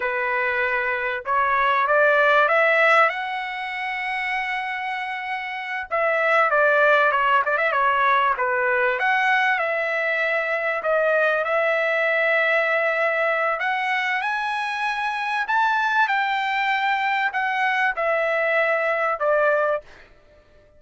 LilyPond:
\new Staff \with { instrumentName = "trumpet" } { \time 4/4 \tempo 4 = 97 b'2 cis''4 d''4 | e''4 fis''2.~ | fis''4. e''4 d''4 cis''8 | d''16 e''16 cis''4 b'4 fis''4 e''8~ |
e''4. dis''4 e''4.~ | e''2 fis''4 gis''4~ | gis''4 a''4 g''2 | fis''4 e''2 d''4 | }